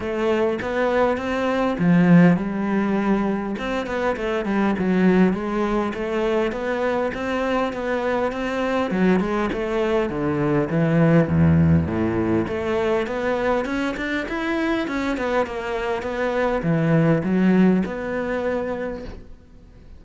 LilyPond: \new Staff \with { instrumentName = "cello" } { \time 4/4 \tempo 4 = 101 a4 b4 c'4 f4 | g2 c'8 b8 a8 g8 | fis4 gis4 a4 b4 | c'4 b4 c'4 fis8 gis8 |
a4 d4 e4 e,4 | a,4 a4 b4 cis'8 d'8 | e'4 cis'8 b8 ais4 b4 | e4 fis4 b2 | }